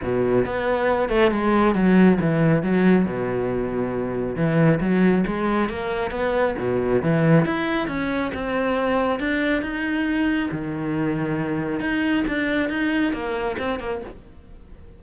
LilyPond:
\new Staff \with { instrumentName = "cello" } { \time 4/4 \tempo 4 = 137 b,4 b4. a8 gis4 | fis4 e4 fis4 b,4~ | b,2 e4 fis4 | gis4 ais4 b4 b,4 |
e4 e'4 cis'4 c'4~ | c'4 d'4 dis'2 | dis2. dis'4 | d'4 dis'4 ais4 c'8 ais8 | }